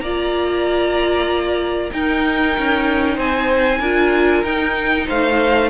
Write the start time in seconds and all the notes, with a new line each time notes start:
0.00 A#3 F4 D5 A#5
1.90 D#4 A#4 G5
2.57 C#4
3.15 C4 C5 G#5
3.79 D4 F4 A#4
4.43 D#4 G5
5.07 A3 C5 F5